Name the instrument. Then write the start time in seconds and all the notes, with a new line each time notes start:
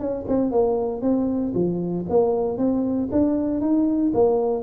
tuba
0.00 C#4
0.28 C4
0.52 A#3
1.02 C4
1.55 F3
2.10 A#3
2.58 C4
3.12 D4
3.61 D#4
4.14 A#3